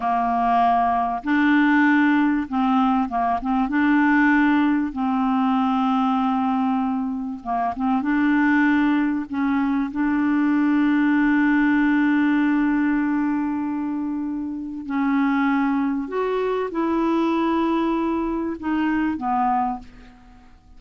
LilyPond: \new Staff \with { instrumentName = "clarinet" } { \time 4/4 \tempo 4 = 97 ais2 d'2 | c'4 ais8 c'8 d'2 | c'1 | ais8 c'8 d'2 cis'4 |
d'1~ | d'1 | cis'2 fis'4 e'4~ | e'2 dis'4 b4 | }